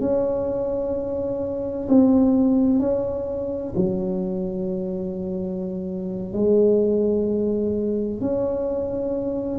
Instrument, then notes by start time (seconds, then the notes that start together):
tuba
0.00 C#4
1.88 C4
2.79 C#4
3.75 F#3
6.32 G#3
8.20 C#4